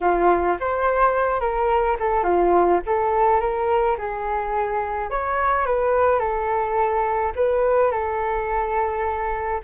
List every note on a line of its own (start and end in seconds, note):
0.00 0.57 F4
0.59 1.40 C5
1.40 1.97 A#4
1.99 2.23 A4
2.23 2.80 F4
2.86 3.40 A4
3.40 3.96 A#4
3.98 5.10 G#4
5.10 5.66 C#5
5.66 6.19 B4
6.19 7.32 A4
7.35 7.91 B4
7.91 9.60 A4